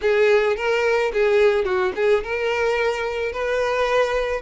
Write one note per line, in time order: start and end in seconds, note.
0.02 0.56 G#4
0.56 1.11 A#4
1.13 1.64 G#4
1.64 1.92 F#4
1.95 2.23 G#4
2.23 3.32 A#4
3.32 4.41 B4